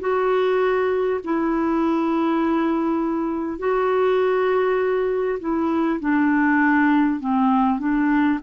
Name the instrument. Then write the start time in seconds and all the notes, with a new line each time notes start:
clarinet
0.00 F#4
1.23 E4
3.58 F#4
5.39 E4
6.00 D4
7.20 C4
7.79 D4